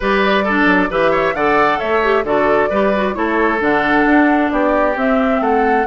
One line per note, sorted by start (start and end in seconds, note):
0.00 0.65 G3
0.00 0.46 G4
0.00 0.44 B4
0.00 0.91 D5
0.44 0.90 D4
0.44 0.89 A4
0.65 0.88 F#3
0.90 1.34 E3
0.90 1.35 G4
0.90 1.11 B4
0.90 1.35 E5
1.11 1.33 C#5
1.34 1.79 D3
1.34 2.02 A4
1.34 1.79 D5
1.34 1.79 F#5
1.79 2.23 A3
1.79 2.24 C#5
1.79 2.24 E5
2.02 2.25 G4
2.23 2.68 D3
2.23 2.70 F#4
2.23 2.69 A4
2.23 3.14 D5
2.69 3.15 G3
2.69 2.94 G4
2.69 3.14 B4
2.95 3.13 F#4
3.13 3.60 A3
3.13 3.58 E4
3.13 4.52 A4
3.13 3.59 C#5
3.59 4.05 D3
3.59 4.95 D4
3.59 4.50 F#5
4.05 4.50 D4
4.50 4.96 B3
4.50 5.41 G4
4.50 4.95 D5
4.96 5.40 C4
4.96 5.86 C4
4.96 5.42 E5
5.40 5.85 A3
5.40 5.86 A4
5.40 5.86 F#5